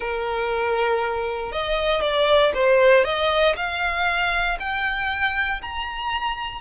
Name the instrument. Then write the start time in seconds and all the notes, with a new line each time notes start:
violin
0.00 A#4
1.52 D#5
2.01 D5
2.54 C5
3.04 D#5
3.56 F5
4.59 G5
5.61 A#5